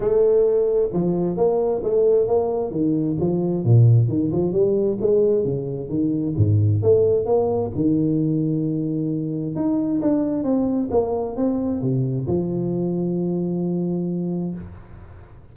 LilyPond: \new Staff \with { instrumentName = "tuba" } { \time 4/4 \tempo 4 = 132 a2 f4 ais4 | a4 ais4 dis4 f4 | ais,4 dis8 f8 g4 gis4 | cis4 dis4 gis,4 a4 |
ais4 dis2.~ | dis4 dis'4 d'4 c'4 | ais4 c'4 c4 f4~ | f1 | }